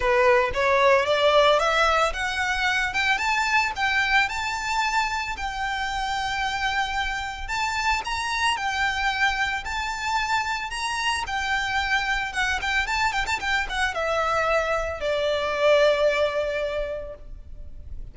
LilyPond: \new Staff \with { instrumentName = "violin" } { \time 4/4 \tempo 4 = 112 b'4 cis''4 d''4 e''4 | fis''4. g''8 a''4 g''4 | a''2 g''2~ | g''2 a''4 ais''4 |
g''2 a''2 | ais''4 g''2 fis''8 g''8 | a''8 g''16 a''16 g''8 fis''8 e''2 | d''1 | }